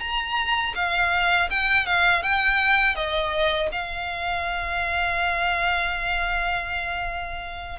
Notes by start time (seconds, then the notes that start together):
0.00 A#5
0.75 F5
1.51 G5
1.86 F5
2.23 G5
2.96 D#5
3.72 F5